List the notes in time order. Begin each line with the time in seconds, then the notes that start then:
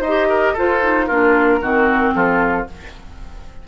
0.00 D#4 C5 D#5
0.07 G4
0.29 A#4
0.53 F4 A4 C5
0.82 D#4
1.06 A#3 D4 F4 A#4
1.61 D#3 C4 F#4
2.14 F3 F4 A4